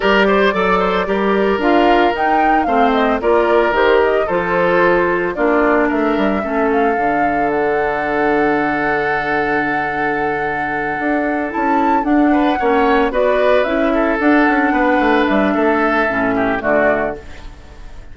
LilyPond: <<
  \new Staff \with { instrumentName = "flute" } { \time 4/4 \tempo 4 = 112 d''2. f''4 | g''4 f''8 dis''8 d''4 c''8 dis''8 | c''2 d''4 e''4~ | e''8 f''4. fis''2~ |
fis''1~ | fis''4. a''4 fis''4.~ | fis''8 d''4 e''4 fis''4.~ | fis''8 e''2~ e''8 d''4 | }
  \new Staff \with { instrumentName = "oboe" } { \time 4/4 ais'8 c''8 d''8 c''8 ais'2~ | ais'4 c''4 ais'2 | a'2 f'4 ais'4 | a'1~ |
a'1~ | a'2. b'8 cis''8~ | cis''8 b'4. a'4. b'8~ | b'4 a'4. g'8 fis'4 | }
  \new Staff \with { instrumentName = "clarinet" } { \time 4/4 g'4 a'4 g'4 f'4 | dis'4 c'4 f'4 g'4 | f'2 d'2 | cis'4 d'2.~ |
d'1~ | d'4. e'4 d'4 cis'8~ | cis'8 fis'4 e'4 d'4.~ | d'2 cis'4 a4 | }
  \new Staff \with { instrumentName = "bassoon" } { \time 4/4 g4 fis4 g4 d'4 | dis'4 a4 ais4 dis4 | f2 ais4 a8 g8 | a4 d2.~ |
d1~ | d8 d'4 cis'4 d'4 ais8~ | ais8 b4 cis'4 d'8 cis'8 b8 | a8 g8 a4 a,4 d4 | }
>>